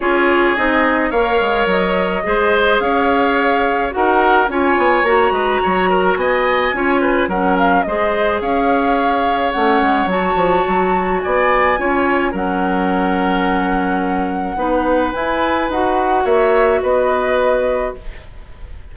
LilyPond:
<<
  \new Staff \with { instrumentName = "flute" } { \time 4/4 \tempo 4 = 107 cis''4 dis''4 f''4 dis''4~ | dis''4 f''2 fis''4 | gis''4 ais''2 gis''4~ | gis''4 fis''8 f''8 dis''4 f''4~ |
f''4 fis''4 a''2 | gis''2 fis''2~ | fis''2. gis''4 | fis''4 e''4 dis''2 | }
  \new Staff \with { instrumentName = "oboe" } { \time 4/4 gis'2 cis''2 | c''4 cis''2 ais'4 | cis''4. b'8 cis''8 ais'8 dis''4 | cis''8 b'8 ais'4 c''4 cis''4~ |
cis''1 | d''4 cis''4 ais'2~ | ais'2 b'2~ | b'4 cis''4 b'2 | }
  \new Staff \with { instrumentName = "clarinet" } { \time 4/4 f'4 dis'4 ais'2 | gis'2. fis'4 | f'4 fis'2. | f'4 cis'4 gis'2~ |
gis'4 cis'4 fis'2~ | fis'4 f'4 cis'2~ | cis'2 dis'4 e'4 | fis'1 | }
  \new Staff \with { instrumentName = "bassoon" } { \time 4/4 cis'4 c'4 ais8 gis8 fis4 | gis4 cis'2 dis'4 | cis'8 b8 ais8 gis8 fis4 b4 | cis'4 fis4 gis4 cis'4~ |
cis'4 a8 gis8 fis8 f8 fis4 | b4 cis'4 fis2~ | fis2 b4 e'4 | dis'4 ais4 b2 | }
>>